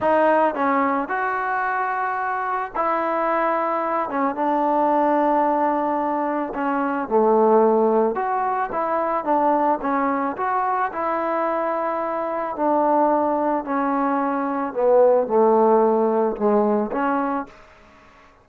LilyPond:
\new Staff \with { instrumentName = "trombone" } { \time 4/4 \tempo 4 = 110 dis'4 cis'4 fis'2~ | fis'4 e'2~ e'8 cis'8 | d'1 | cis'4 a2 fis'4 |
e'4 d'4 cis'4 fis'4 | e'2. d'4~ | d'4 cis'2 b4 | a2 gis4 cis'4 | }